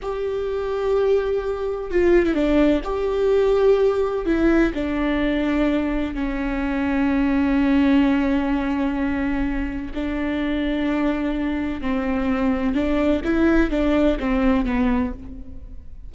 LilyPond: \new Staff \with { instrumentName = "viola" } { \time 4/4 \tempo 4 = 127 g'1 | f'8. e'16 d'4 g'2~ | g'4 e'4 d'2~ | d'4 cis'2.~ |
cis'1~ | cis'4 d'2.~ | d'4 c'2 d'4 | e'4 d'4 c'4 b4 | }